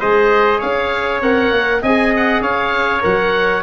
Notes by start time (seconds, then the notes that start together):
0.00 G#3 G#4 C5 D#5
0.58 C#4 C#5 F5
1.21 C4 A#4 F#5
1.51 A#3
1.82 C4 G#4 D#5 G#5
2.17 F#5
2.41 C#4 C#5 F5
3.01 F#3 A#4 F#5